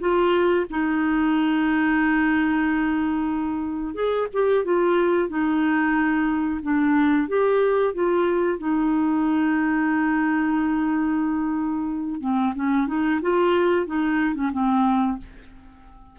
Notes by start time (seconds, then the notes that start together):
0.00 F4
0.70 D#4
3.94 G#4
4.33 G4
4.65 F4
5.29 D#4
6.63 D4
7.28 G4
7.94 F4
8.59 D#4
12.20 C4
12.55 C#4
12.88 D#4
13.21 F4
13.86 D#4
14.35 C#4
14.52 C4